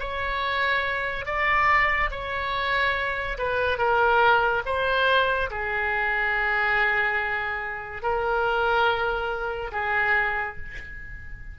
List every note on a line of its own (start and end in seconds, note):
0.00 1.26 C#5
1.26 2.10 D5
2.11 3.38 C#5
3.38 3.78 B4
3.78 4.62 A#4
4.66 5.50 C5
5.50 8.02 G#4
8.02 9.71 A#4
9.72 10.57 G#4